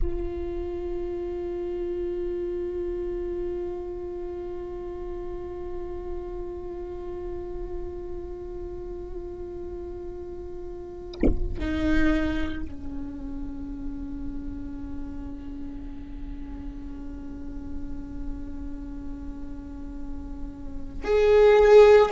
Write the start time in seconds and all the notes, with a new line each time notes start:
0.02 F4
11.58 D#4
12.63 C#4
21.04 G#4